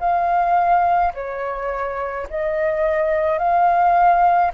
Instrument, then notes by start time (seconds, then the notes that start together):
flute
0.00 F5
1.14 C#5
2.30 D#5
3.39 F5